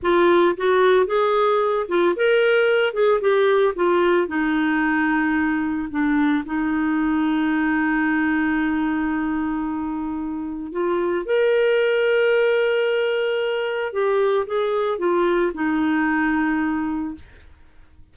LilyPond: \new Staff \with { instrumentName = "clarinet" } { \time 4/4 \tempo 4 = 112 f'4 fis'4 gis'4. f'8 | ais'4. gis'8 g'4 f'4 | dis'2. d'4 | dis'1~ |
dis'1 | f'4 ais'2.~ | ais'2 g'4 gis'4 | f'4 dis'2. | }